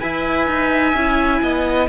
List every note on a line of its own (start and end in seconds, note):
0.00 0.47 E4
0.00 0.94 B4
0.00 1.42 E5
0.00 1.88 G#5
0.47 0.94 D#4
0.94 1.41 C#4
0.94 1.89 E4
1.42 1.89 B3
1.42 1.89 D#5